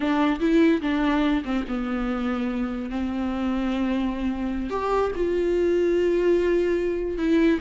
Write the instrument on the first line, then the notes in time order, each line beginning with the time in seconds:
viola
0.00 D4
0.40 E4
0.81 D4
1.44 C4
1.68 B3
2.90 C4
4.70 G4
5.15 F4
7.17 E4